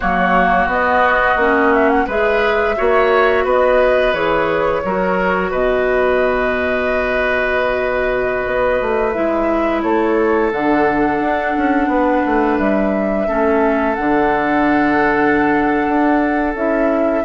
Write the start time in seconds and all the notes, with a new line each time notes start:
0.00 F#3 A#3 F#4 C#5
0.66 B3 D#5
1.36 A#3 C#4
1.74 E5
1.89 F#5
2.06 G#3 G#4 B4 E5
2.76 A#3 F#4 C#5
3.44 B3 B4 D#5
4.13 E3 G#4 C#5
4.84 F#3 F#4 A#4
5.50 B2 B4 D#5
8.45 B3
8.81 A3
9.12 G#3 E4 E5
9.82 A3 A4 C#5
10.52 D3 D4 F#5
11.20 D4
11.56 C#4
11.87 B3 B4
12.26 A3
12.58 G3 E5
13.27 A3 C#4 A4
13.95 D3 D4 F#5
15.87 D4
16.54 C#4 E4 E5